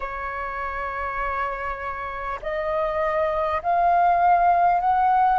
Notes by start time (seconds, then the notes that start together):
0.00 C#5
2.42 D#5
3.62 F5
4.80 F#5